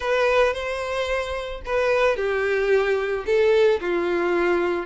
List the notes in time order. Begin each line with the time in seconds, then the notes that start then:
0.00 B4
0.53 C5
1.65 B4
2.16 G4
3.26 A4
3.81 F4